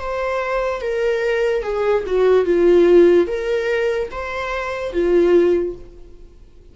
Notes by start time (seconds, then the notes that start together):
0.00 C5
0.82 A#4
1.63 G#4
2.07 F#4
2.45 F4
3.28 A#4
4.12 C5
4.93 F4